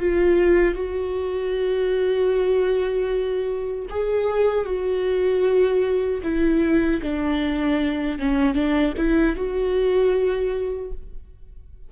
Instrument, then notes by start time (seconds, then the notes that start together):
viola
0.00 F4
0.75 F#4
3.90 G#4
4.65 F#4
6.23 E4
7.02 D4
8.19 C#4
8.55 D4
8.98 E4
9.36 F#4